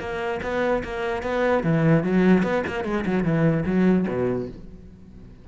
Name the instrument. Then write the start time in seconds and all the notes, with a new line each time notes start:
cello
0.00 A#3
0.43 B3
0.84 A#3
1.23 B3
1.64 E3
2.04 F#3
2.43 B3
2.67 A#3
2.85 G#3
3.06 F#3
3.24 E3
3.66 F#3
4.08 B2